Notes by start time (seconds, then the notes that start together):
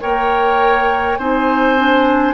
0.00 A#3 A#4 C#5 G5
1.18 C4 D#4 C5 G#5
1.77 D4